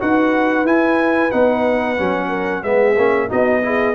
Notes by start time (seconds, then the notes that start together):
0.00 D#4 F#4 B4 F#5
0.64 E4 G#5
1.32 B3 D#4 F#5
1.98 F#3 C#4
2.29 A#4
2.63 G#3 B3 G#4 E5
2.97 A#3 C#4
3.28 B3 D#4 F#4 D#5
3.62 E4 G#4